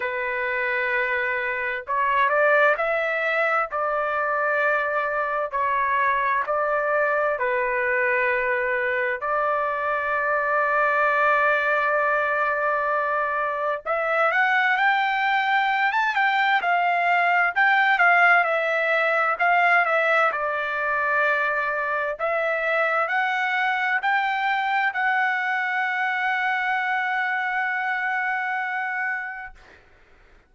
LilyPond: \new Staff \with { instrumentName = "trumpet" } { \time 4/4 \tempo 4 = 65 b'2 cis''8 d''8 e''4 | d''2 cis''4 d''4 | b'2 d''2~ | d''2. e''8 fis''8 |
g''4~ g''16 a''16 g''8 f''4 g''8 f''8 | e''4 f''8 e''8 d''2 | e''4 fis''4 g''4 fis''4~ | fis''1 | }